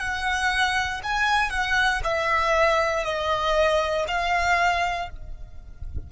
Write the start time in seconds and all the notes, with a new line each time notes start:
0.00 F#5
1.04 G#5
1.50 F#5
2.04 E5
3.04 D#5
4.08 F5